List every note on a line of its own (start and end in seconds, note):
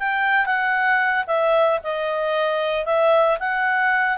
0.00 0.46 G5
0.46 1.25 F#5
1.28 1.80 E5
1.84 2.86 D#5
2.86 3.39 E5
3.40 4.18 F#5